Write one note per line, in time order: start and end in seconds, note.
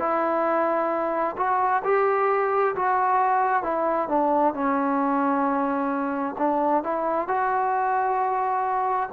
0.00 1.36 E4
1.38 1.83 F#4
1.85 2.76 G4
2.76 3.64 F#4
3.64 4.09 E4
4.09 4.54 D4
4.54 6.36 C#4
6.38 6.83 D4
6.83 7.28 E4
7.28 9.10 F#4